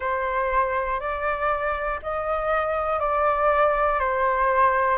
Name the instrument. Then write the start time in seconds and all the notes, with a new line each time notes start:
flute
0.00 C5
1.00 D5
2.02 D#5
3.00 D5
3.99 C5